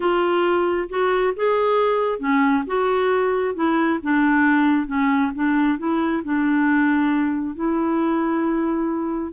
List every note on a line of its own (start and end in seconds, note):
0.00 0.88 F4
0.89 1.33 F#4
1.36 2.19 G#4
2.19 2.63 C#4
2.67 3.54 F#4
3.54 3.99 E4
4.02 4.87 D4
4.87 5.31 C#4
5.34 5.78 D4
5.78 6.23 E4
6.23 7.55 D4
7.55 9.32 E4